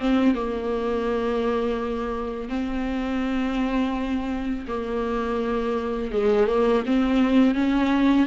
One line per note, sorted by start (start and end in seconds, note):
0.00 0.35 C4
0.35 2.49 A#3
2.49 4.66 C4
4.68 6.12 A#3
6.12 6.47 G#3
6.47 6.83 A#3
6.86 7.54 C4
7.54 8.27 C#4